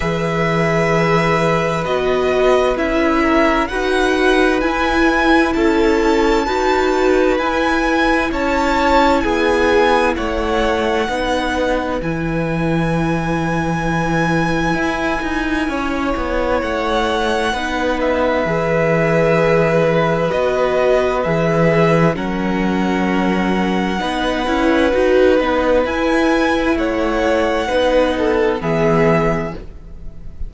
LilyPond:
<<
  \new Staff \with { instrumentName = "violin" } { \time 4/4 \tempo 4 = 65 e''2 dis''4 e''4 | fis''4 gis''4 a''2 | gis''4 a''4 gis''4 fis''4~ | fis''4 gis''2.~ |
gis''2 fis''4. e''8~ | e''2 dis''4 e''4 | fis''1 | gis''4 fis''2 e''4 | }
  \new Staff \with { instrumentName = "violin" } { \time 4/4 b'2.~ b'8 ais'8 | b'2 a'4 b'4~ | b'4 cis''4 gis'4 cis''4 | b'1~ |
b'4 cis''2 b'4~ | b'1 | ais'2 b'2~ | b'4 cis''4 b'8 a'8 gis'4 | }
  \new Staff \with { instrumentName = "viola" } { \time 4/4 gis'2 fis'4 e'4 | fis'4 e'2 fis'4 | e'1 | dis'4 e'2.~ |
e'2. dis'4 | gis'2 fis'4 gis'4 | cis'2 dis'8 e'8 fis'8 dis'8 | e'2 dis'4 b4 | }
  \new Staff \with { instrumentName = "cello" } { \time 4/4 e2 b4 cis'4 | dis'4 e'4 cis'4 dis'4 | e'4 cis'4 b4 a4 | b4 e2. |
e'8 dis'8 cis'8 b8 a4 b4 | e2 b4 e4 | fis2 b8 cis'8 dis'8 b8 | e'4 a4 b4 e4 | }
>>